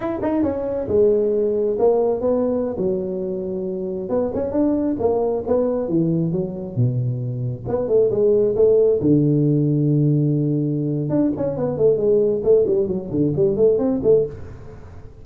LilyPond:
\new Staff \with { instrumentName = "tuba" } { \time 4/4 \tempo 4 = 135 e'8 dis'8 cis'4 gis2 | ais4 b4~ b16 fis4.~ fis16~ | fis4~ fis16 b8 cis'8 d'4 ais8.~ | ais16 b4 e4 fis4 b,8.~ |
b,4~ b,16 b8 a8 gis4 a8.~ | a16 d2.~ d8.~ | d4 d'8 cis'8 b8 a8 gis4 | a8 g8 fis8 d8 g8 a8 c'8 a8 | }